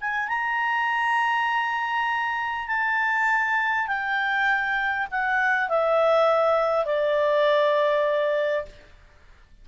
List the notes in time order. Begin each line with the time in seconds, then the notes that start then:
0.00 G#5
0.28 A#5
2.67 A5
3.87 G5
5.11 F#5
5.69 E5
6.85 D5